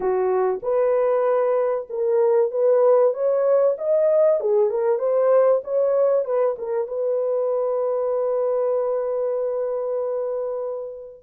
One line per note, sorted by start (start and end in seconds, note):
0.00 0.60 F#4
0.62 1.87 B4
1.89 2.51 A#4
2.51 3.13 B4
3.13 3.76 C#5
3.78 4.40 D#5
4.40 4.69 G#4
4.69 4.99 A#4
4.99 5.61 C5
5.64 6.24 C#5
6.24 6.55 B4
6.58 6.88 A#4
6.88 11.23 B4